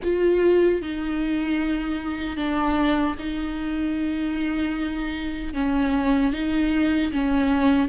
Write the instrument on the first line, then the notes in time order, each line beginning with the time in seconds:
viola
0.03 F4
0.81 D#4
2.36 D4
3.19 D#4
5.53 C#4
6.32 D#4
7.12 C#4